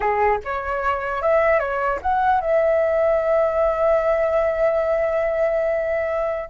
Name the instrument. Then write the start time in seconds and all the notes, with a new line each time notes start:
flute
0.00 G#4
0.44 C#5
1.22 E5
1.59 C#5
2.01 F#5
2.40 E5